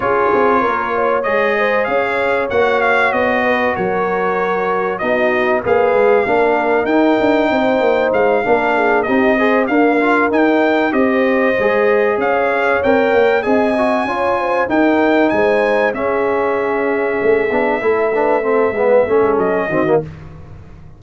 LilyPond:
<<
  \new Staff \with { instrumentName = "trumpet" } { \time 4/4 \tempo 4 = 96 cis''2 dis''4 f''4 | fis''8 f''8 dis''4 cis''2 | dis''4 f''2 g''4~ | g''4 f''4. dis''4 f''8~ |
f''8 g''4 dis''2 f''8~ | f''8 g''4 gis''2 g''8~ | g''8 gis''4 e''2~ e''8~ | e''2. dis''4 | }
  \new Staff \with { instrumentName = "horn" } { \time 4/4 gis'4 ais'8 cis''4 c''8 cis''4~ | cis''4. b'8 ais'2 | fis'4 b'4 ais'2 | c''4. ais'8 gis'8 g'8 c''8 ais'8~ |
ais'4. c''2 cis''8~ | cis''4. dis''4 cis''8 c''8 ais'8~ | ais'8 c''4 gis'2~ gis'8~ | gis'8 a'8 b'8 a'8 b'8 a'4 fis'8 | }
  \new Staff \with { instrumentName = "trombone" } { \time 4/4 f'2 gis'2 | fis'1 | dis'4 gis'4 d'4 dis'4~ | dis'4. d'4 dis'8 gis'8 ais8 |
f'8 dis'4 g'4 gis'4.~ | gis'8 ais'4 gis'8 fis'8 f'4 dis'8~ | dis'4. cis'2~ cis'8 | d'8 e'8 d'8 c'8 b8 cis'4 c'16 ais16 | }
  \new Staff \with { instrumentName = "tuba" } { \time 4/4 cis'8 c'8 ais4 gis4 cis'4 | ais4 b4 fis2 | b4 ais8 gis8 ais4 dis'8 d'8 | c'8 ais8 gis8 ais4 c'4 d'8~ |
d'8 dis'4 c'4 gis4 cis'8~ | cis'8 c'8 ais8 c'4 cis'4 dis'8~ | dis'8 gis4 cis'2 a8 | b8 a4. gis8 a16 gis16 fis8 dis8 | }
>>